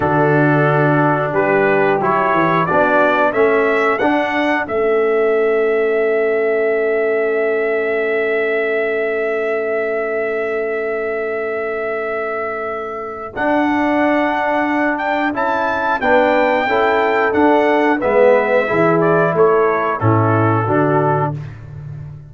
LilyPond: <<
  \new Staff \with { instrumentName = "trumpet" } { \time 4/4 \tempo 4 = 90 a'2 b'4 cis''4 | d''4 e''4 fis''4 e''4~ | e''1~ | e''1~ |
e''1 | fis''2~ fis''8 g''8 a''4 | g''2 fis''4 e''4~ | e''8 d''8 cis''4 a'2 | }
  \new Staff \with { instrumentName = "horn" } { \time 4/4 fis'2 g'2 | fis'4 a'2.~ | a'1~ | a'1~ |
a'1~ | a'1 | b'4 a'2 b'4 | gis'4 a'4 e'4 fis'4 | }
  \new Staff \with { instrumentName = "trombone" } { \time 4/4 d'2. e'4 | d'4 cis'4 d'4 cis'4~ | cis'1~ | cis'1~ |
cis'1 | d'2. e'4 | d'4 e'4 d'4 b4 | e'2 cis'4 d'4 | }
  \new Staff \with { instrumentName = "tuba" } { \time 4/4 d2 g4 fis8 e8 | b4 a4 d'4 a4~ | a1~ | a1~ |
a1 | d'2. cis'4 | b4 cis'4 d'4 gis4 | e4 a4 a,4 d4 | }
>>